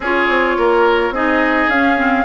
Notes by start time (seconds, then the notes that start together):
0.00 C#4 F4 G#4 C#5
0.28 C4
0.57 A#3 A#4
1.10 C4 D#4 G#4 D#5
1.68 C#4 F5
1.97 C4